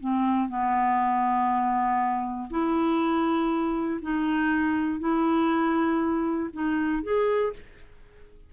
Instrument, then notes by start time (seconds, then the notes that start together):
clarinet
0.00 C4
0.49 B3
2.50 E4
4.02 D#4
5.00 E4
6.53 D#4
7.03 G#4